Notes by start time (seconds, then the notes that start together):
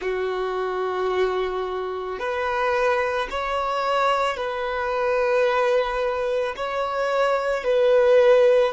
0.01 F#4
2.19 B4
3.30 C#5
4.36 B4
6.56 C#5
7.64 B4